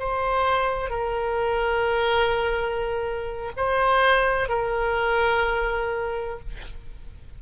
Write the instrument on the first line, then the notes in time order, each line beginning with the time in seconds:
oboe
0.00 C5
0.90 A#4
3.57 C5
4.49 A#4